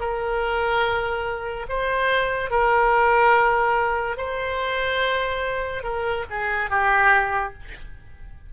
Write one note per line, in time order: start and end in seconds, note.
0.00 1.67 A#4
1.69 2.50 C5
2.50 4.17 A#4
4.17 5.83 C5
5.83 6.25 A#4
6.30 6.70 G#4
6.70 7.53 G4